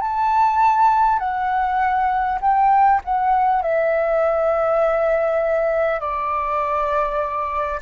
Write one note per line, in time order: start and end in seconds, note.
0.00 1.18 A5
1.18 2.38 F#5
2.41 3.01 G5
3.04 3.62 F#5
3.62 6.00 E5
6.00 7.80 D5